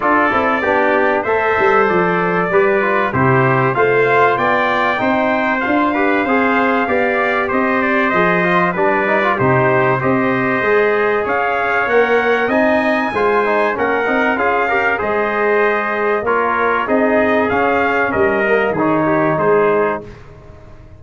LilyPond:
<<
  \new Staff \with { instrumentName = "trumpet" } { \time 4/4 \tempo 4 = 96 d''2 e''4 d''4~ | d''4 c''4 f''4 g''4~ | g''4 f''2. | dis''8 d''8 dis''4 d''4 c''4 |
dis''2 f''4 fis''4 | gis''2 fis''4 f''4 | dis''2 cis''4 dis''4 | f''4 dis''4 cis''4 c''4 | }
  \new Staff \with { instrumentName = "trumpet" } { \time 4/4 a'4 g'4 c''2 | b'4 g'4 c''4 d''4 | c''4. b'8 c''4 d''4 | c''2 b'4 g'4 |
c''2 cis''2 | dis''4 c''4 ais'4 gis'8 ais'8 | c''2 ais'4 gis'4~ | gis'4 ais'4 gis'8 g'8 gis'4 | }
  \new Staff \with { instrumentName = "trombone" } { \time 4/4 f'8 e'8 d'4 a'2 | g'8 f'8 e'4 f'2 | dis'4 f'8 g'8 gis'4 g'4~ | g'4 gis'8 f'8 d'8 dis'16 f'16 dis'4 |
g'4 gis'2 ais'4 | dis'4 f'8 dis'8 cis'8 dis'8 f'8 g'8 | gis'2 f'4 dis'4 | cis'4. ais8 dis'2 | }
  \new Staff \with { instrumentName = "tuba" } { \time 4/4 d'8 c'8 b4 a8 g8 f4 | g4 c4 a4 b4 | c'4 d'4 c'4 b4 | c'4 f4 g4 c4 |
c'4 gis4 cis'4 ais4 | c'4 gis4 ais8 c'8 cis'4 | gis2 ais4 c'4 | cis'4 g4 dis4 gis4 | }
>>